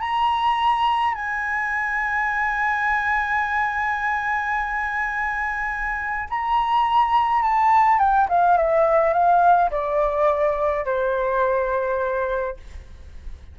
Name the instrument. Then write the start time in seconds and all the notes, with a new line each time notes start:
flute
0.00 A#5
1.15 G#5
6.30 A#5
7.43 A5
7.99 G5
8.29 F5
8.57 E5
9.14 F5
9.71 D5
10.85 C5